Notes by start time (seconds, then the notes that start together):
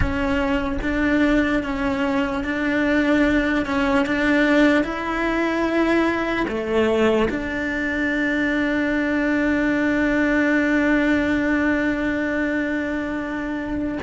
0.00 C#4
0.81 D4
1.63 C#4
2.43 D4
3.65 C#4
4.06 D4
4.84 E4
6.48 A3
7.29 D4